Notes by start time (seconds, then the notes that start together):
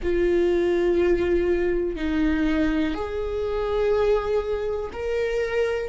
0.02 F4
1.95 D#4
2.94 G#4
4.92 A#4